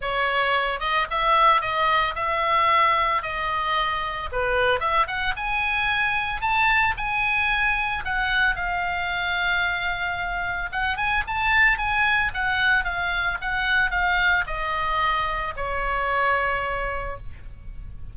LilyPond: \new Staff \with { instrumentName = "oboe" } { \time 4/4 \tempo 4 = 112 cis''4. dis''8 e''4 dis''4 | e''2 dis''2 | b'4 e''8 fis''8 gis''2 | a''4 gis''2 fis''4 |
f''1 | fis''8 gis''8 a''4 gis''4 fis''4 | f''4 fis''4 f''4 dis''4~ | dis''4 cis''2. | }